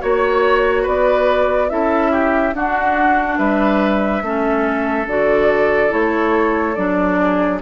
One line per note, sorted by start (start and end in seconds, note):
0.00 0.87 A#3
0.00 1.69 F#4
0.00 0.86 C#5
0.00 0.83 C#5
0.83 1.70 B3
0.83 1.67 B4
0.83 1.70 D5
1.69 2.54 C#4
1.69 2.54 E4
1.69 2.12 A4
1.69 2.54 E5
2.12 2.54 G4
2.54 4.23 D4
2.54 3.38 D4
2.54 3.39 F#4
2.54 3.38 F#5
3.38 4.22 G3
3.38 4.23 B4
3.38 5.07 E5
4.22 5.06 A3
4.22 5.09 C#4
4.22 7.20 A4
5.08 5.92 D3
5.08 5.89 F#4
5.08 5.93 D5
5.89 6.77 A3
5.89 6.74 E4
5.89 6.75 C#5
6.75 7.62 F#3
6.75 7.61 D4
6.75 7.59 D5
7.20 7.62 G#4